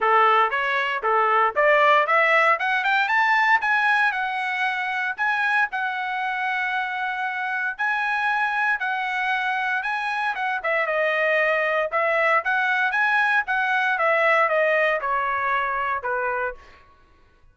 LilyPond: \new Staff \with { instrumentName = "trumpet" } { \time 4/4 \tempo 4 = 116 a'4 cis''4 a'4 d''4 | e''4 fis''8 g''8 a''4 gis''4 | fis''2 gis''4 fis''4~ | fis''2. gis''4~ |
gis''4 fis''2 gis''4 | fis''8 e''8 dis''2 e''4 | fis''4 gis''4 fis''4 e''4 | dis''4 cis''2 b'4 | }